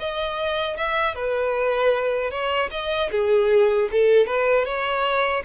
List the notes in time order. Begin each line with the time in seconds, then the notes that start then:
0.00 D#5
0.77 E5
1.15 B4
2.31 C#5
2.71 D#5
3.12 G#4
3.92 A4
4.27 B4
4.65 C#5